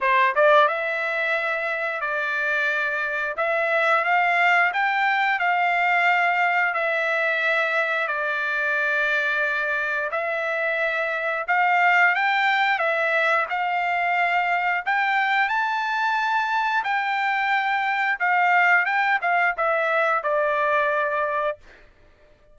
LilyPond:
\new Staff \with { instrumentName = "trumpet" } { \time 4/4 \tempo 4 = 89 c''8 d''8 e''2 d''4~ | d''4 e''4 f''4 g''4 | f''2 e''2 | d''2. e''4~ |
e''4 f''4 g''4 e''4 | f''2 g''4 a''4~ | a''4 g''2 f''4 | g''8 f''8 e''4 d''2 | }